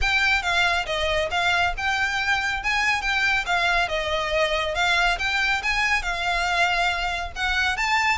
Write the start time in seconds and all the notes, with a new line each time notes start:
0.01 G5
0.42 F5
0.86 D#5
1.30 F5
1.77 G5
2.63 G#5
3.01 G5
3.46 F5
3.88 D#5
4.74 F5
5.19 G5
5.62 G#5
6.02 F5
7.35 F#5
7.77 A5